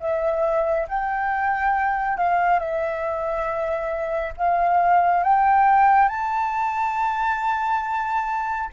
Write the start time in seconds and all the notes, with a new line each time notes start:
0.00 E5
0.88 G5
2.17 F5
2.59 E5
4.37 F5
5.23 G5
6.08 A5